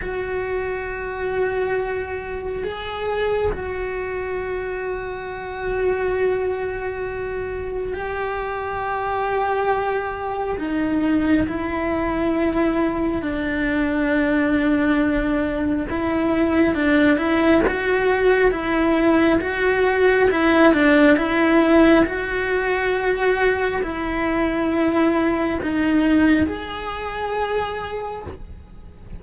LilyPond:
\new Staff \with { instrumentName = "cello" } { \time 4/4 \tempo 4 = 68 fis'2. gis'4 | fis'1~ | fis'4 g'2. | dis'4 e'2 d'4~ |
d'2 e'4 d'8 e'8 | fis'4 e'4 fis'4 e'8 d'8 | e'4 fis'2 e'4~ | e'4 dis'4 gis'2 | }